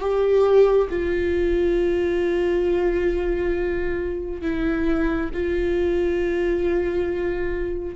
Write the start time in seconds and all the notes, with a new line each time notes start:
0.00 G4
0.90 F4
4.42 E4
5.33 F4